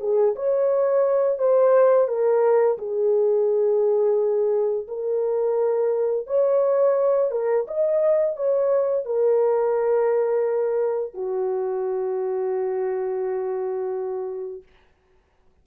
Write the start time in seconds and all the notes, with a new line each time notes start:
0.00 G#4
0.36 C#5
1.39 C5
2.08 A#4
2.78 G#4
4.88 A#4
6.27 C#5
7.32 A#4
7.68 D#5
8.37 C#5
9.05 A#4
11.14 F#4